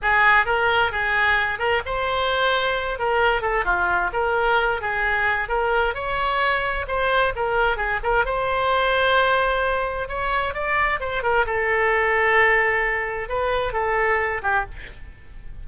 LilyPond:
\new Staff \with { instrumentName = "oboe" } { \time 4/4 \tempo 4 = 131 gis'4 ais'4 gis'4. ais'8 | c''2~ c''8 ais'4 a'8 | f'4 ais'4. gis'4. | ais'4 cis''2 c''4 |
ais'4 gis'8 ais'8 c''2~ | c''2 cis''4 d''4 | c''8 ais'8 a'2.~ | a'4 b'4 a'4. g'8 | }